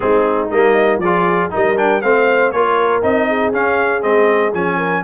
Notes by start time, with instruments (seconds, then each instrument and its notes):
0.00 tuba G#3, trombone C4, horn D#4, trumpet G#4
0.50 tuba G3, trombone A#3, trumpet D#5
0.98 tuba F3, horn G#4, trumpet D5
1.04 trombone F4
1.50 tuba G3, trombone D#4, horn A#4, trumpet D#5
1.76 trombone D4, trumpet G5
2.01 tuba A3, trombone C4, horn C5, trumpet F5
2.51 tuba A#3, trombone F4, horn A#4, trumpet C#5
3.02 tuba C4, trombone D#4, trumpet D#5
3.28 horn G#4
3.53 tuba C#4, trombone C#4, trumpet F5
4.01 tuba G#3, trombone C4, trumpet D#5
4.53 tuba F3, trombone C#4, trumpet G#5
4.77 horn A#4